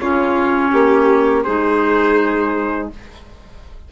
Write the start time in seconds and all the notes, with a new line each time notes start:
0.00 C#3 C#4 F4 C#5
0.71 A#3 G4
1.43 G#3 D#4 G#4 C5